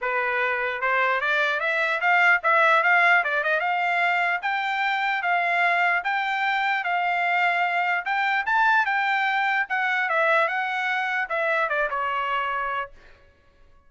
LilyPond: \new Staff \with { instrumentName = "trumpet" } { \time 4/4 \tempo 4 = 149 b'2 c''4 d''4 | e''4 f''4 e''4 f''4 | d''8 dis''8 f''2 g''4~ | g''4 f''2 g''4~ |
g''4 f''2. | g''4 a''4 g''2 | fis''4 e''4 fis''2 | e''4 d''8 cis''2~ cis''8 | }